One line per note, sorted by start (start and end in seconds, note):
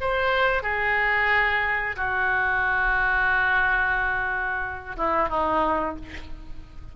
0.00 0.62 C5
0.62 1.95 G#4
1.96 4.96 F#4
4.96 5.29 E4
5.29 5.95 D#4